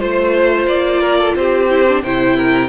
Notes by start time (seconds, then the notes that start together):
0.00 A3 F4 C5
0.67 A#3 D5
1.02 A#4
1.18 A4
1.36 C4 G4 C5
1.70 E4
1.89 D4
2.03 C3 E4 C5 G5
2.37 A#4